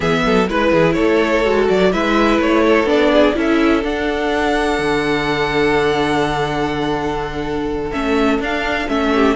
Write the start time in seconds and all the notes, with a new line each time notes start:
0.00 E3 B3 G#4 E5
0.25 F#3 A4
0.48 G#3 E4 B4
0.72 E3 G#4
0.93 A3 A4 C#5
1.43 G#3 F#4
1.68 F#3 D5
1.91 G#3 E4 B4 E5
2.38 A3 C#5
2.64 A4
2.84 B3 D4 D5
3.12 G#4
3.34 C#4 E4 A4
3.40 E5
3.83 D4 F#5
4.79 D3
7.91 A3 C#4 E5
8.38 D4 F5
8.88 A3 C#4 E5
9.14 G4